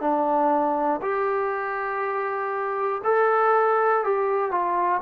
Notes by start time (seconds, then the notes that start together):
0.00 D4
1.01 G4
3.04 A4
4.04 G4
4.51 F4